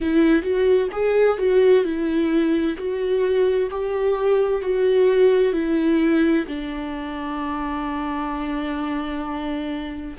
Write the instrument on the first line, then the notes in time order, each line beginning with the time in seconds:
viola
0.00 E4
0.42 F#4
0.91 G#4
1.38 F#4
1.84 E4
2.77 F#4
3.70 G4
4.61 F#4
5.52 E4
6.47 D4